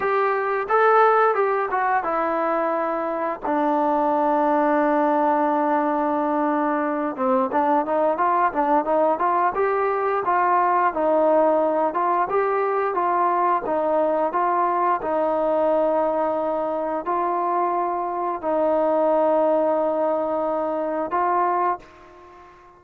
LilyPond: \new Staff \with { instrumentName = "trombone" } { \time 4/4 \tempo 4 = 88 g'4 a'4 g'8 fis'8 e'4~ | e'4 d'2.~ | d'2~ d'8 c'8 d'8 dis'8 | f'8 d'8 dis'8 f'8 g'4 f'4 |
dis'4. f'8 g'4 f'4 | dis'4 f'4 dis'2~ | dis'4 f'2 dis'4~ | dis'2. f'4 | }